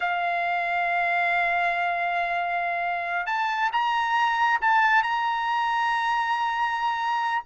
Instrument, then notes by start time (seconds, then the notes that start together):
trumpet
0.00 F5
3.26 A5
3.72 A#5
4.61 A5
5.02 A#5